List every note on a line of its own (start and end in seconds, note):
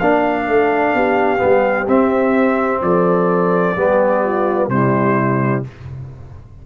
0.00 0.48 A#3
0.00 0.95 D4
0.00 1.38 D4
0.00 1.88 F5
0.48 0.94 A3
0.94 1.41 B3
0.94 2.82 G4
1.38 1.88 G3
1.38 1.85 B3
1.88 2.81 C4
1.88 3.76 C4
1.88 2.82 E5
2.82 3.76 F3
2.82 3.77 A4
2.82 4.70 D5
3.76 4.69 G3
3.76 4.70 B3
3.76 4.24 G4
4.24 4.71 F4
4.69 5.62 C3
4.69 5.65 G3
4.69 5.67 E4
4.69 5.63 C5